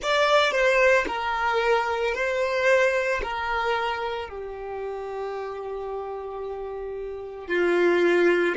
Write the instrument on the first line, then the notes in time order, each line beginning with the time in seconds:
violin
0.02 D5
0.51 C5
1.07 A#4
2.14 C5
3.22 A#4
4.29 G4
7.47 F4